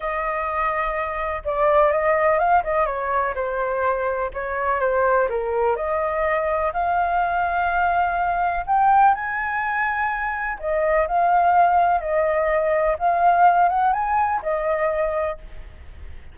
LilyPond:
\new Staff \with { instrumentName = "flute" } { \time 4/4 \tempo 4 = 125 dis''2. d''4 | dis''4 f''8 dis''8 cis''4 c''4~ | c''4 cis''4 c''4 ais'4 | dis''2 f''2~ |
f''2 g''4 gis''4~ | gis''2 dis''4 f''4~ | f''4 dis''2 f''4~ | f''8 fis''8 gis''4 dis''2 | }